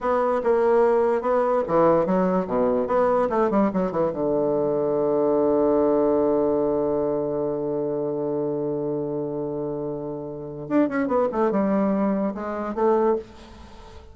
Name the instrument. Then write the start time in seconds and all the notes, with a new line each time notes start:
bassoon
0.00 B3
0.43 A#3
1.21 B3
1.67 E3
2.05 F#3
2.47 B2
2.87 B3
3.29 A3
3.50 G3
3.73 F#3
3.91 E3
4.12 D3
10.68 D4
10.88 C#4
11.07 B3
11.32 A3
11.51 G3
12.34 G#3
12.74 A3